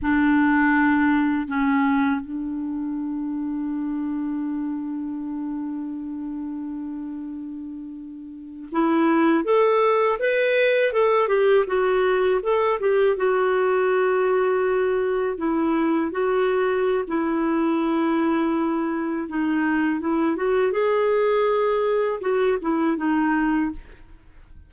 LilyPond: \new Staff \with { instrumentName = "clarinet" } { \time 4/4 \tempo 4 = 81 d'2 cis'4 d'4~ | d'1~ | d'2.~ d'8. e'16~ | e'8. a'4 b'4 a'8 g'8 fis'16~ |
fis'8. a'8 g'8 fis'2~ fis'16~ | fis'8. e'4 fis'4~ fis'16 e'4~ | e'2 dis'4 e'8 fis'8 | gis'2 fis'8 e'8 dis'4 | }